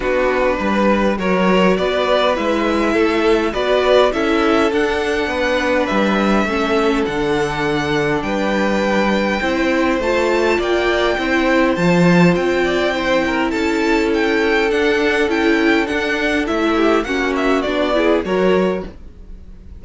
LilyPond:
<<
  \new Staff \with { instrumentName = "violin" } { \time 4/4 \tempo 4 = 102 b'2 cis''4 d''4 | e''2 d''4 e''4 | fis''2 e''2 | fis''2 g''2~ |
g''4 a''4 g''2 | a''4 g''2 a''4 | g''4 fis''4 g''4 fis''4 | e''4 fis''8 e''8 d''4 cis''4 | }
  \new Staff \with { instrumentName = "violin" } { \time 4/4 fis'4 b'4 ais'4 b'4~ | b'4 a'4 b'4 a'4~ | a'4 b'2 a'4~ | a'2 b'2 |
c''2 d''4 c''4~ | c''4. d''8 c''8 ais'8 a'4~ | a'1~ | a'8 g'8 fis'4. gis'8 ais'4 | }
  \new Staff \with { instrumentName = "viola" } { \time 4/4 d'2 fis'2 | e'2 fis'4 e'4 | d'2. cis'4 | d'1 |
e'4 f'2 e'4 | f'2 e'2~ | e'4 d'4 e'4 d'4 | e'4 cis'4 d'8 e'8 fis'4 | }
  \new Staff \with { instrumentName = "cello" } { \time 4/4 b4 g4 fis4 b4 | gis4 a4 b4 cis'4 | d'4 b4 g4 a4 | d2 g2 |
c'4 a4 ais4 c'4 | f4 c'2 cis'4~ | cis'4 d'4 cis'4 d'4 | a4 ais4 b4 fis4 | }
>>